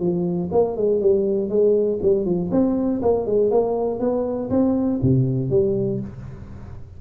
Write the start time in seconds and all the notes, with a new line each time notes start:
0.00 F3
0.52 A#3
0.77 G#3
1.01 G3
1.49 G#3
2.02 G3
2.25 F3
2.51 C4
3.02 A#3
3.26 G#3
3.51 A#3
4.00 B3
4.50 C4
5.02 C3
5.50 G3